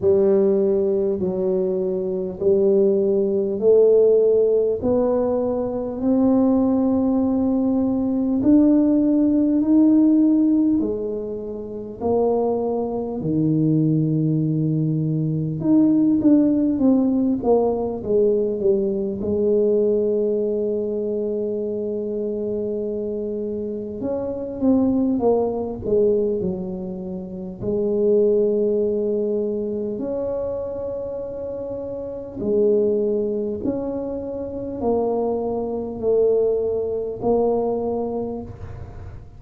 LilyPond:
\new Staff \with { instrumentName = "tuba" } { \time 4/4 \tempo 4 = 50 g4 fis4 g4 a4 | b4 c'2 d'4 | dis'4 gis4 ais4 dis4~ | dis4 dis'8 d'8 c'8 ais8 gis8 g8 |
gis1 | cis'8 c'8 ais8 gis8 fis4 gis4~ | gis4 cis'2 gis4 | cis'4 ais4 a4 ais4 | }